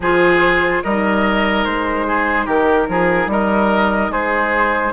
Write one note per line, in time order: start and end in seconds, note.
0.00 0.81 F3
0.00 0.84 F4
0.00 0.83 G#4
0.00 0.83 C5
0.83 1.65 G3
0.83 4.92 D#4
0.83 2.06 A#4
0.83 1.64 D#5
1.64 2.46 G#3
1.64 2.46 C5
2.07 2.45 G#4
2.45 2.87 D#3
2.45 2.86 G4
2.45 3.28 A#4
2.88 3.27 F3
2.88 3.31 G#4
3.27 4.09 G3
3.27 4.11 A#4
3.27 4.12 D#5
4.09 4.91 G#3
4.09 4.92 G#4
4.09 4.92 C5